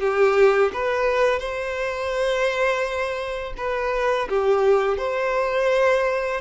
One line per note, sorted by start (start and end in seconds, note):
0.00 0.71 G4
0.73 1.39 B4
1.39 3.53 C5
3.57 4.28 B4
4.29 4.97 G4
4.97 6.40 C5